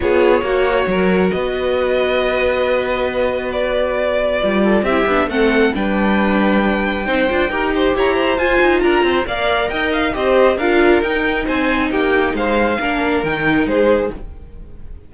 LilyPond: <<
  \new Staff \with { instrumentName = "violin" } { \time 4/4 \tempo 4 = 136 cis''2. dis''4~ | dis''1 | d''2. e''4 | fis''4 g''2.~ |
g''2 ais''4 gis''4 | ais''4 f''4 g''8 f''8 dis''4 | f''4 g''4 gis''4 g''4 | f''2 g''4 c''4 | }
  \new Staff \with { instrumentName = "violin" } { \time 4/4 gis'4 fis'4 ais'4 b'4~ | b'1~ | b'2~ b'8 a'8 g'4 | a'4 b'2. |
c''4 ais'8 c''8 cis''8 c''4. | ais'8 c''8 d''4 dis''4 c''4 | ais'2 c''4 g'4 | c''4 ais'2 gis'4 | }
  \new Staff \with { instrumentName = "viola" } { \time 4/4 f'4 fis'2.~ | fis'1~ | fis'2 f'4 e'8 d'8 | c'4 d'2. |
dis'8 f'8 g'2 f'4~ | f'4 ais'2 g'4 | f'4 dis'2.~ | dis'4 d'4 dis'2 | }
  \new Staff \with { instrumentName = "cello" } { \time 4/4 b4 ais4 fis4 b4~ | b1~ | b2 g4 c'8 b8 | a4 g2. |
c'8 d'8 dis'4 e'4 f'8 dis'8 | d'8 c'8 ais4 dis'4 c'4 | d'4 dis'4 c'4 ais4 | gis4 ais4 dis4 gis4 | }
>>